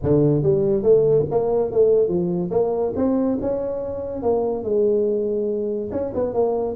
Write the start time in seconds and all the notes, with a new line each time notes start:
0.02 D3
0.42 G3
0.82 A3
1.30 A#3
1.71 A3
2.08 F3
2.50 A#3
2.96 C4
3.41 C#4
4.22 A#3
4.63 G#3
5.91 C#4
6.14 B3
6.33 A#3